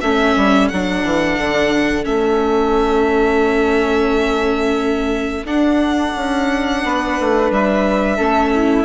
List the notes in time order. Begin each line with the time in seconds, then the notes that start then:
0.00 A3 C#4 A4 E5
0.36 G3
0.68 F#3 D4 F#5
1.04 E3
1.37 D3
2.04 A3 C#4 E5
5.44 D4 F#5
6.16 C#4
6.84 B3 B4
7.20 A3
7.50 G3 E5
8.17 A3 C#4 A4
8.54 E4